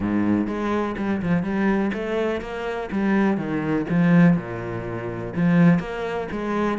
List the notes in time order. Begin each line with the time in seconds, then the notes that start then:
0.00 G#2
0.47 G#3
0.97 G3
1.22 F3
1.42 G3
1.93 A3
2.41 A#3
2.91 G3
3.37 D#3
3.89 F3
4.37 A#2
5.35 F3
5.79 A#3
6.31 G#3